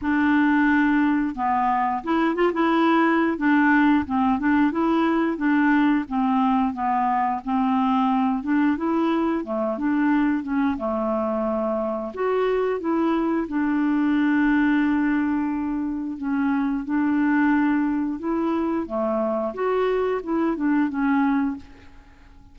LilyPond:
\new Staff \with { instrumentName = "clarinet" } { \time 4/4 \tempo 4 = 89 d'2 b4 e'8 f'16 e'16~ | e'4 d'4 c'8 d'8 e'4 | d'4 c'4 b4 c'4~ | c'8 d'8 e'4 a8 d'4 cis'8 |
a2 fis'4 e'4 | d'1 | cis'4 d'2 e'4 | a4 fis'4 e'8 d'8 cis'4 | }